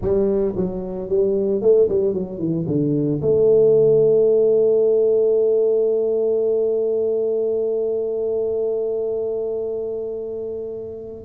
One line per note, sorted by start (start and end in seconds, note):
0.01 0.55 G3
0.56 1.09 F#3
1.09 1.61 G3
1.61 1.88 A3
1.88 2.13 G3
2.13 2.38 F#3
2.38 2.65 E3
2.67 3.20 D3
3.21 11.25 A3